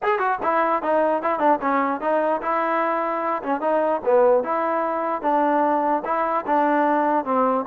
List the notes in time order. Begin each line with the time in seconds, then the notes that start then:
0.03 G#4
0.18 F#4
0.42 E4
0.82 D#4
1.22 E4
1.39 D4
1.61 C#4
2.00 D#4
2.41 E4
3.42 C#4
3.60 D#4
4.04 B3
4.43 E4
5.22 D4
6.04 E4
6.46 D4
7.25 C4